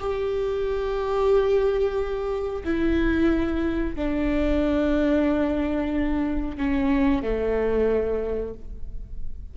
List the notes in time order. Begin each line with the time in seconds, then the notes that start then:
0.00 G4
2.65 E4
3.96 D4
6.58 C#4
7.23 A3